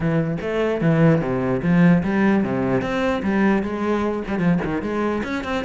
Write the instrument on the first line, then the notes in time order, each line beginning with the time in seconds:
cello
0.00 E3
0.41 A3
0.81 E3
1.21 C3
1.62 F3
2.03 G3
2.43 C3
2.81 C4
3.23 G3
3.62 G#3
4.27 G3
4.38 F3
4.64 D#3
4.82 G#3
5.23 C#4
5.44 C4